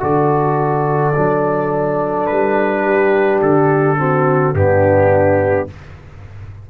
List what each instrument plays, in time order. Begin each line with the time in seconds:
0.00 tuba D3, trombone F#4, horn A4, trumpet D5
1.16 tuba F#3, trombone D4
2.26 tuba G3, trumpet B4
2.84 horn G4
3.42 tuba D3, trumpet A4
3.98 trombone C4, horn F#4
4.54 tuba G2, trombone B3, horn D4, trumpet G4